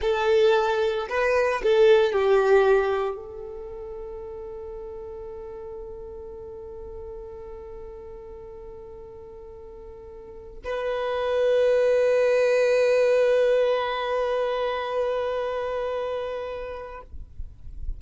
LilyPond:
\new Staff \with { instrumentName = "violin" } { \time 4/4 \tempo 4 = 113 a'2 b'4 a'4 | g'2 a'2~ | a'1~ | a'1~ |
a'1 | b'1~ | b'1~ | b'1 | }